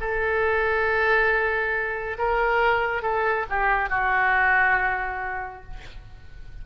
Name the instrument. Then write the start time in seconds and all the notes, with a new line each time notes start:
oboe
0.00 A4
2.18 A#4
3.02 A4
3.49 G4
3.90 F#4